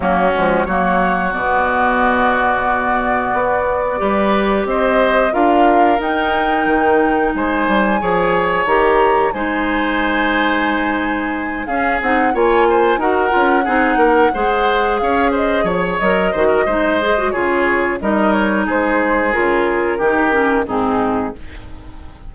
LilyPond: <<
  \new Staff \with { instrumentName = "flute" } { \time 4/4 \tempo 4 = 90 fis'4 cis''4 d''2~ | d''2. dis''4 | f''4 g''2 gis''4~ | gis''4 ais''4 gis''2~ |
gis''4. f''8 fis''8 gis''4 fis''8~ | fis''2~ fis''8 f''8 dis''8 cis''8 | dis''2 cis''4 dis''8 cis''8 | c''4 ais'2 gis'4 | }
  \new Staff \with { instrumentName = "oboe" } { \time 4/4 cis'4 fis'2.~ | fis'2 b'4 c''4 | ais'2. c''4 | cis''2 c''2~ |
c''4. gis'4 cis''8 c''8 ais'8~ | ais'8 gis'8 ais'8 c''4 cis''8 c''8 cis''8~ | cis''8 c''16 ais'16 c''4 gis'4 ais'4 | gis'2 g'4 dis'4 | }
  \new Staff \with { instrumentName = "clarinet" } { \time 4/4 ais8 gis8 ais4 b2~ | b2 g'2 | f'4 dis'2. | gis'4 g'4 dis'2~ |
dis'4. cis'8 dis'8 f'4 fis'8 | f'8 dis'4 gis'2~ gis'8 | ais'8 fis'8 dis'8 gis'16 fis'16 f'4 dis'4~ | dis'4 f'4 dis'8 cis'8 c'4 | }
  \new Staff \with { instrumentName = "bassoon" } { \time 4/4 fis8 f8 fis4 b,2~ | b,4 b4 g4 c'4 | d'4 dis'4 dis4 gis8 g8 | f4 dis4 gis2~ |
gis4. cis'8 c'8 ais4 dis'8 | cis'8 c'8 ais8 gis4 cis'4 f8 | fis8 dis8 gis4 cis4 g4 | gis4 cis4 dis4 gis,4 | }
>>